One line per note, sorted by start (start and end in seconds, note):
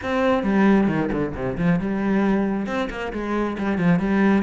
0.02 0.43 C4
0.43 0.87 G3
0.87 1.09 D#3
1.12 1.34 D3
1.35 1.57 C3
1.57 1.79 F3
1.79 2.66 G3
2.66 2.88 C4
2.90 3.12 A#3
3.13 3.57 G#3
3.58 3.78 G3
3.78 3.99 F3
3.99 4.42 G3